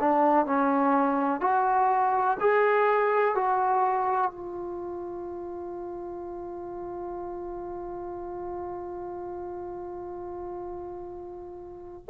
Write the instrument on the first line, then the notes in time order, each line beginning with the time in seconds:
trombone
0.00 D4
0.46 C#4
1.41 F#4
2.40 G#4
3.35 F#4
4.31 F4